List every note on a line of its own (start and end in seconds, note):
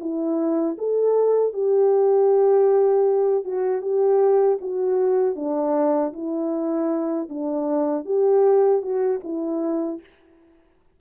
0.00 0.77 E4
0.78 1.53 A4
1.53 3.44 G4
3.44 3.81 F#4
3.81 4.58 G4
4.61 5.36 F#4
5.36 6.13 D4
6.13 7.29 E4
7.29 8.05 D4
8.05 8.82 G4
8.82 9.20 F#4
9.23 10.00 E4